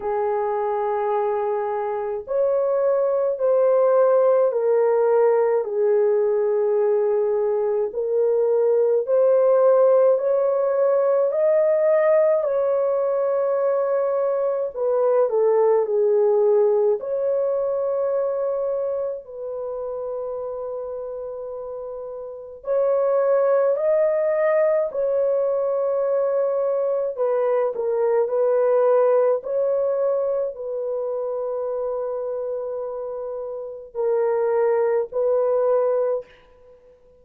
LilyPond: \new Staff \with { instrumentName = "horn" } { \time 4/4 \tempo 4 = 53 gis'2 cis''4 c''4 | ais'4 gis'2 ais'4 | c''4 cis''4 dis''4 cis''4~ | cis''4 b'8 a'8 gis'4 cis''4~ |
cis''4 b'2. | cis''4 dis''4 cis''2 | b'8 ais'8 b'4 cis''4 b'4~ | b'2 ais'4 b'4 | }